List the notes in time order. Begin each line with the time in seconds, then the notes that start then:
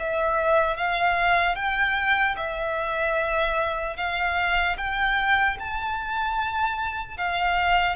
0.00 E5
0.77 F5
1.56 G5
2.37 E5
3.97 F5
4.78 G5
5.60 A5
7.18 F5